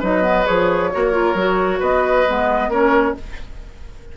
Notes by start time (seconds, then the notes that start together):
0.00 F#3 D#4 B4 D#5
0.22 B3
0.45 F3 G#4 C#5
0.92 A#3 F#4 A#4
1.12 F4
1.34 F#3 F#4
1.80 B3 B4 D#5
2.26 G#3 B3
2.68 A#3 C#4 A#4 C#5